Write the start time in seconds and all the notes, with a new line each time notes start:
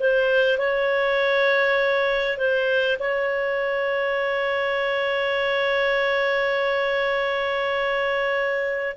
0.00 C5
0.59 C#5
2.38 C5
3.00 C#5